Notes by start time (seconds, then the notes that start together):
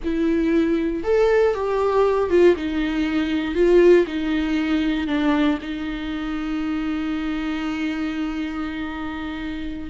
0.03 E4
1.03 A4
1.54 G4
2.30 F4
2.55 D#4
3.55 F4
4.06 D#4
5.07 D4
5.61 D#4